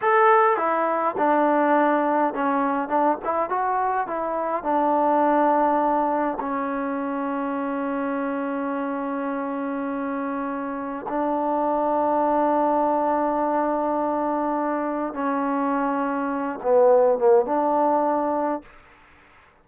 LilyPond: \new Staff \with { instrumentName = "trombone" } { \time 4/4 \tempo 4 = 103 a'4 e'4 d'2 | cis'4 d'8 e'8 fis'4 e'4 | d'2. cis'4~ | cis'1~ |
cis'2. d'4~ | d'1~ | d'2 cis'2~ | cis'8 b4 ais8 d'2 | }